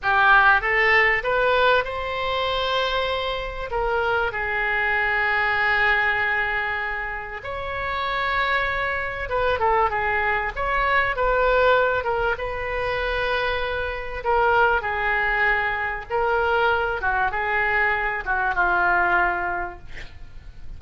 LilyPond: \new Staff \with { instrumentName = "oboe" } { \time 4/4 \tempo 4 = 97 g'4 a'4 b'4 c''4~ | c''2 ais'4 gis'4~ | gis'1 | cis''2. b'8 a'8 |
gis'4 cis''4 b'4. ais'8 | b'2. ais'4 | gis'2 ais'4. fis'8 | gis'4. fis'8 f'2 | }